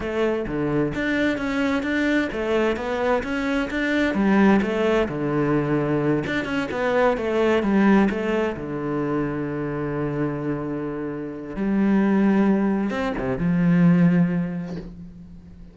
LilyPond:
\new Staff \with { instrumentName = "cello" } { \time 4/4 \tempo 4 = 130 a4 d4 d'4 cis'4 | d'4 a4 b4 cis'4 | d'4 g4 a4 d4~ | d4. d'8 cis'8 b4 a8~ |
a8 g4 a4 d4.~ | d1~ | d4 g2. | c'8 c8 f2. | }